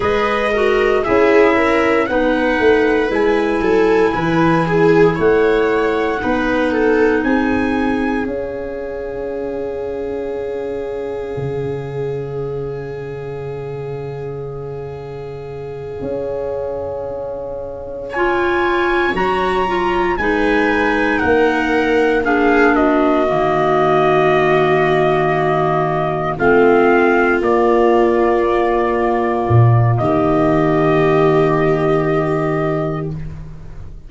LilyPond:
<<
  \new Staff \with { instrumentName = "trumpet" } { \time 4/4 \tempo 4 = 58 dis''4 e''4 fis''4 gis''4~ | gis''4 fis''2 gis''4 | f''1~ | f''1~ |
f''4. gis''4 ais''4 gis''8~ | gis''8 fis''4 f''8 dis''2~ | dis''4. f''4 d''4.~ | d''4 dis''2. | }
  \new Staff \with { instrumentName = "viola" } { \time 4/4 b'8 ais'8 gis'8 ais'8 b'4. a'8 | b'8 gis'8 cis''4 b'8 a'8 gis'4~ | gis'1~ | gis'1~ |
gis'4. cis''2 b'8~ | b'8 ais'4 gis'8 fis'2~ | fis'4. f'2~ f'8~ | f'4 g'2. | }
  \new Staff \with { instrumentName = "clarinet" } { \time 4/4 gis'8 fis'8 e'4 dis'4 e'4~ | e'2 dis'2 | cis'1~ | cis'1~ |
cis'4. f'4 fis'8 f'8 dis'8~ | dis'4. d'4 ais4.~ | ais4. c'4 ais4.~ | ais1 | }
  \new Staff \with { instrumentName = "tuba" } { \time 4/4 gis4 cis'4 b8 a8 gis8 fis8 | e4 a4 b4 c'4 | cis'2. cis4~ | cis2.~ cis8 cis'8~ |
cis'2~ cis'8 fis4 gis8~ | gis8 ais2 dis4.~ | dis4. a4 ais4.~ | ais8 ais,8 dis2. | }
>>